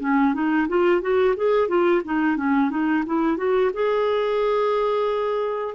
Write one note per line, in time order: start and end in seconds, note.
0.00 0.34 C#4
0.34 0.67 D#4
0.68 1.01 F4
1.01 1.35 F#4
1.36 1.68 G#4
1.68 2.02 F4
2.04 2.37 D#4
2.37 2.70 C#4
2.70 3.04 D#4
3.06 3.37 E4
3.37 3.71 F#4
3.73 5.75 G#4